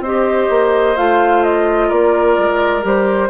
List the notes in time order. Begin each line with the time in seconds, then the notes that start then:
0.00 C4 G4 C5 D#5
0.49 A#3
0.96 A3 F4 F5
1.43 D#5
1.88 A#3 A#4 D5
2.38 G#3
2.82 G3 G4 C5